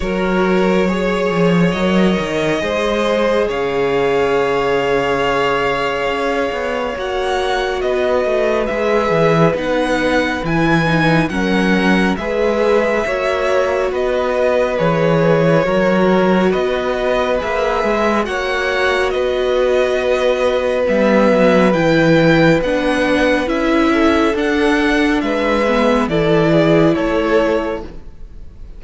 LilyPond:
<<
  \new Staff \with { instrumentName = "violin" } { \time 4/4 \tempo 4 = 69 cis''2 dis''2 | f''1 | fis''4 dis''4 e''4 fis''4 | gis''4 fis''4 e''2 |
dis''4 cis''2 dis''4 | e''4 fis''4 dis''2 | e''4 g''4 fis''4 e''4 | fis''4 e''4 d''4 cis''4 | }
  \new Staff \with { instrumentName = "violin" } { \time 4/4 ais'4 cis''2 c''4 | cis''1~ | cis''4 b'2.~ | b'4 ais'4 b'4 cis''4 |
b'2 ais'4 b'4~ | b'4 cis''4 b'2~ | b'2.~ b'8 a'8~ | a'4 b'4 a'8 gis'8 a'4 | }
  \new Staff \with { instrumentName = "viola" } { \time 4/4 fis'4 gis'4 ais'4 gis'4~ | gis'1 | fis'2 gis'4 dis'4 | e'8 dis'8 cis'4 gis'4 fis'4~ |
fis'4 gis'4 fis'2 | gis'4 fis'2. | b4 e'4 d'4 e'4 | d'4. b8 e'2 | }
  \new Staff \with { instrumentName = "cello" } { \time 4/4 fis4. f8 fis8 dis8 gis4 | cis2. cis'8 b8 | ais4 b8 a8 gis8 e8 b4 | e4 fis4 gis4 ais4 |
b4 e4 fis4 b4 | ais8 gis8 ais4 b2 | g8 fis8 e4 b4 cis'4 | d'4 gis4 e4 a4 | }
>>